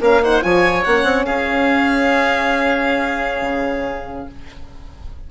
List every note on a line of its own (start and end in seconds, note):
0.00 0.42 A#3
0.00 0.21 C#4
0.00 0.21 A#4
0.00 0.24 F5
0.22 0.41 D#4
0.22 0.44 C5
0.22 0.43 F#5
0.41 0.86 F3
0.41 0.83 F4
0.41 1.26 C#5
0.41 0.84 G#5
0.84 1.03 A#3
0.84 4.30 C#4
0.84 1.25 F#5
1.03 1.24 C4
1.25 3.41 C#4
1.25 4.28 G#4
1.25 4.27 F5
3.41 4.25 C#3